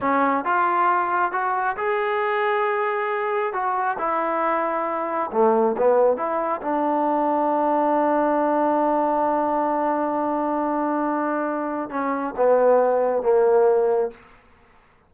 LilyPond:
\new Staff \with { instrumentName = "trombone" } { \time 4/4 \tempo 4 = 136 cis'4 f'2 fis'4 | gis'1 | fis'4 e'2. | a4 b4 e'4 d'4~ |
d'1~ | d'1~ | d'2. cis'4 | b2 ais2 | }